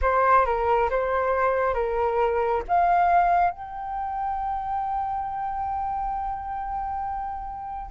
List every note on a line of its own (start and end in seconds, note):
0.01 0.45 C5
0.45 0.89 A#4
0.90 1.74 C5
1.74 2.62 A#4
2.68 3.51 F5
3.51 7.91 G5